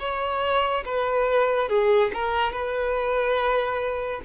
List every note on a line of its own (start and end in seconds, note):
0.00 0.85 C#5
0.86 1.69 B4
1.69 2.12 G#4
2.14 2.53 A#4
2.53 4.22 B4